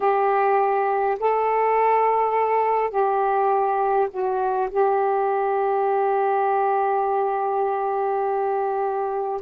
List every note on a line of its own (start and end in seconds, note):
0.00 1.18 G4
1.19 2.90 A4
2.90 4.08 G4
4.10 4.68 F#4
4.70 9.41 G4